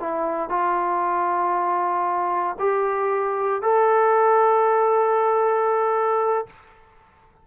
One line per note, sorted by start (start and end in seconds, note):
0.00 0.49 E4
0.49 2.56 F4
2.59 3.62 G4
3.62 6.47 A4